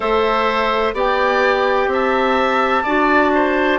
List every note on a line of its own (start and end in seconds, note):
0.00 0.93 A3
0.00 0.93 A4
0.00 0.94 C5
0.00 0.95 E5
0.93 1.87 B3
0.93 2.85 G4
0.93 1.89 D5
0.93 1.93 G5
1.87 2.82 C4
1.87 2.83 E5
1.93 3.79 A5
2.83 3.79 D4
2.83 3.79 F#4
2.83 3.30 D5
3.34 3.79 C5